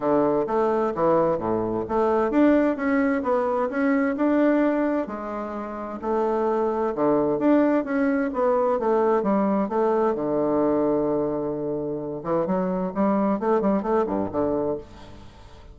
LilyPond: \new Staff \with { instrumentName = "bassoon" } { \time 4/4 \tempo 4 = 130 d4 a4 e4 a,4 | a4 d'4 cis'4 b4 | cis'4 d'2 gis4~ | gis4 a2 d4 |
d'4 cis'4 b4 a4 | g4 a4 d2~ | d2~ d8 e8 fis4 | g4 a8 g8 a8 g,8 d4 | }